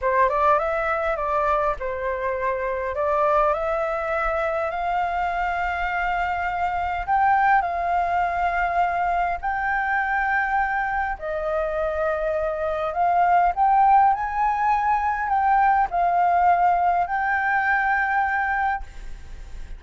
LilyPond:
\new Staff \with { instrumentName = "flute" } { \time 4/4 \tempo 4 = 102 c''8 d''8 e''4 d''4 c''4~ | c''4 d''4 e''2 | f''1 | g''4 f''2. |
g''2. dis''4~ | dis''2 f''4 g''4 | gis''2 g''4 f''4~ | f''4 g''2. | }